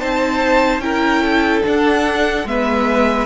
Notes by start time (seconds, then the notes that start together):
0.00 C4 D#4 C5 A5
0.79 C#4 E4 A#4 G5
1.23 A4
1.64 D4 F#5
2.45 G#3 B3 B4 E5